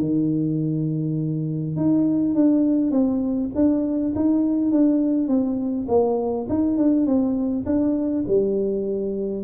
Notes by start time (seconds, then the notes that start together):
0.00 D#3
1.76 D#4
2.35 D4
2.91 C4
3.55 D4
4.16 D#4
4.72 D4
5.28 C4
5.88 A#3
6.49 D#4
6.78 D4
7.06 C4
7.66 D4
8.28 G3